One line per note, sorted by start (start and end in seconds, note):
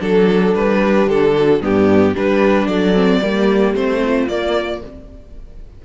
0.00 0.55 F#3
0.00 1.61 D4
0.00 0.81 A4
0.00 0.55 A4
0.55 1.07 G3
0.55 1.09 B4
0.82 1.36 G4
1.07 1.61 D3
1.07 1.63 A4
1.37 1.62 F#4
1.61 2.15 G2
1.61 2.15 B3
1.61 2.13 D4
1.61 2.17 G4
2.13 2.67 G3
2.13 2.95 D4
2.13 2.67 G4
2.13 2.68 B4
2.67 3.21 F#3
2.67 3.21 A4
2.67 3.75 D5
2.95 3.21 C4
3.22 3.75 G3
3.22 3.75 A#3
3.22 4.02 G4
3.75 4.28 A3
3.75 4.29 C4
3.75 4.29 C5
4.05 4.85 F4
4.28 4.82 A#3
4.28 4.84 A#3
4.28 4.82 D5